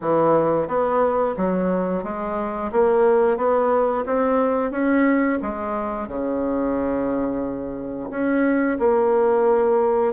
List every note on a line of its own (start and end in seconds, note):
0.01 0.67 E3
0.67 1.35 B3
1.36 2.03 F#3
2.03 2.71 G#3
2.72 3.37 A#3
3.37 4.04 B3
4.06 4.71 C4
4.71 5.38 C#4
5.41 6.07 G#3
6.07 8.10 C#3
8.10 8.78 C#4
8.79 10.13 A#3